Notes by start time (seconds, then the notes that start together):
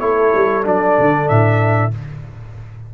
0.00 A3 E4 A4 C#5
0.35 G3
0.64 F#3 D4 D5
0.99 D3
1.29 A2 E5